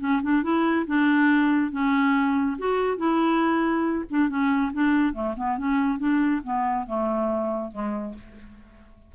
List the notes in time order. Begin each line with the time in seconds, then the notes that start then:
0.00 C#4
0.23 D4
0.43 E4
0.87 D4
1.71 C#4
2.58 F#4
2.98 E4
4.11 D4
4.29 C#4
4.73 D4
5.14 A3
5.37 B3
5.58 C#4
5.99 D4
6.44 B3
6.87 A3
7.72 G#3